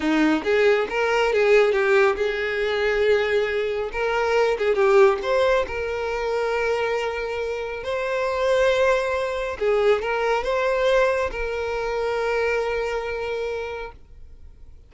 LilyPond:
\new Staff \with { instrumentName = "violin" } { \time 4/4 \tempo 4 = 138 dis'4 gis'4 ais'4 gis'4 | g'4 gis'2.~ | gis'4 ais'4. gis'8 g'4 | c''4 ais'2.~ |
ais'2 c''2~ | c''2 gis'4 ais'4 | c''2 ais'2~ | ais'1 | }